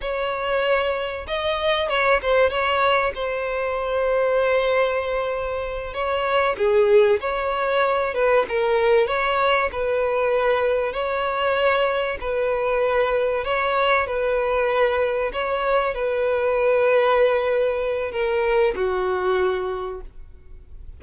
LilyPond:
\new Staff \with { instrumentName = "violin" } { \time 4/4 \tempo 4 = 96 cis''2 dis''4 cis''8 c''8 | cis''4 c''2.~ | c''4. cis''4 gis'4 cis''8~ | cis''4 b'8 ais'4 cis''4 b'8~ |
b'4. cis''2 b'8~ | b'4. cis''4 b'4.~ | b'8 cis''4 b'2~ b'8~ | b'4 ais'4 fis'2 | }